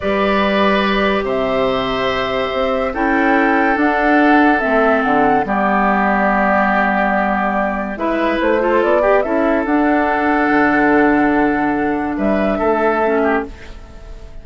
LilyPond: <<
  \new Staff \with { instrumentName = "flute" } { \time 4/4 \tempo 4 = 143 d''2. e''4~ | e''2. g''4~ | g''4 fis''2 e''4 | fis''4 d''2.~ |
d''2. e''4 | c''4 d''4 e''4 fis''4~ | fis''1~ | fis''4 e''2. | }
  \new Staff \with { instrumentName = "oboe" } { \time 4/4 b'2. c''4~ | c''2. a'4~ | a'1~ | a'4 g'2.~ |
g'2. b'4~ | b'8 a'4 g'8 a'2~ | a'1~ | a'4 b'4 a'4. g'8 | }
  \new Staff \with { instrumentName = "clarinet" } { \time 4/4 g'1~ | g'2. e'4~ | e'4 d'2 c'4~ | c'4 b2.~ |
b2. e'4~ | e'8 f'4 g'8 e'4 d'4~ | d'1~ | d'2. cis'4 | }
  \new Staff \with { instrumentName = "bassoon" } { \time 4/4 g2. c4~ | c2 c'4 cis'4~ | cis'4 d'2 a4 | d4 g2.~ |
g2. gis4 | a4 b4 cis'4 d'4~ | d'4 d2.~ | d4 g4 a2 | }
>>